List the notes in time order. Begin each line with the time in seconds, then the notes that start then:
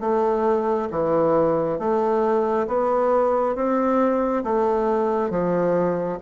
0.00 A3
0.91 E3
1.79 A3
2.67 B3
3.55 C4
4.44 A3
5.30 F3